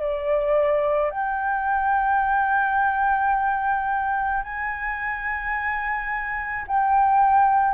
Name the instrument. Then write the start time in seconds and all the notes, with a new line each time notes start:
flute
0.00 D5
1.11 G5
4.44 G#5
6.68 G5